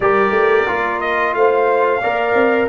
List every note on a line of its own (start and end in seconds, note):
0.00 0.30 G3
0.00 0.67 G4
0.00 1.36 A#4
0.00 1.00 D5
0.30 0.64 A3
0.67 1.34 A#3
0.67 2.02 F4
1.00 1.34 D#5
1.34 2.02 A3
1.34 2.01 C5
1.34 2.68 F5
2.01 2.33 A#3
2.01 2.68 A#4
2.01 2.68 D5
2.33 2.67 C4